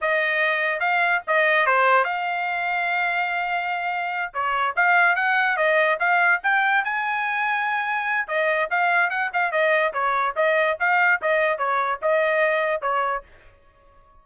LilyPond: \new Staff \with { instrumentName = "trumpet" } { \time 4/4 \tempo 4 = 145 dis''2 f''4 dis''4 | c''4 f''2.~ | f''2~ f''8 cis''4 f''8~ | f''8 fis''4 dis''4 f''4 g''8~ |
g''8 gis''2.~ gis''8 | dis''4 f''4 fis''8 f''8 dis''4 | cis''4 dis''4 f''4 dis''4 | cis''4 dis''2 cis''4 | }